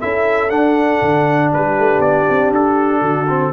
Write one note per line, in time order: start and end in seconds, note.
0.00 0.50 C#4
0.00 0.49 E4
0.00 1.51 A4
0.00 0.50 E5
0.49 3.27 D4
0.49 1.00 D4
0.49 1.51 F#5
1.02 1.52 D3
1.51 1.78 G3
1.51 3.02 G4
1.51 2.01 B4
1.78 1.99 A3
1.99 2.25 B3
1.99 2.51 D5
2.29 2.51 C4
2.51 3.01 D4
2.51 3.53 A4
3.01 3.52 D3
3.01 3.52 F#4
3.28 3.53 C4